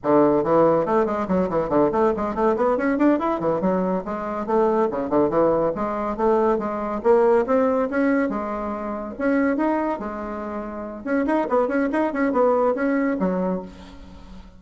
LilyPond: \new Staff \with { instrumentName = "bassoon" } { \time 4/4 \tempo 4 = 141 d4 e4 a8 gis8 fis8 e8 | d8 a8 gis8 a8 b8 cis'8 d'8 e'8 | e8 fis4 gis4 a4 cis8 | d8 e4 gis4 a4 gis8~ |
gis8 ais4 c'4 cis'4 gis8~ | gis4. cis'4 dis'4 gis8~ | gis2 cis'8 dis'8 b8 cis'8 | dis'8 cis'8 b4 cis'4 fis4 | }